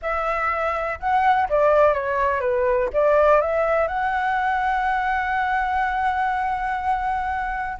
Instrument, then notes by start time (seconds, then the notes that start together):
flute
0.01 E5
0.99 F#5
1.49 D5
1.93 C#5
2.40 B4
2.93 D5
3.41 E5
3.87 F#5